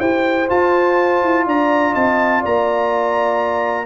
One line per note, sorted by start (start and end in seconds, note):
0.00 0.49 E4
0.00 0.48 G4
0.00 1.45 C5
0.00 0.49 G5
0.48 3.87 F4
0.48 1.23 F4
0.48 1.47 A5
1.23 1.46 E4
1.46 1.95 D4
1.46 1.92 D5
1.46 1.95 A#5
1.92 2.44 C4
1.92 2.40 D#5
1.92 2.43 A5
2.41 3.87 A#3
2.41 3.86 D5
2.41 3.87 A#5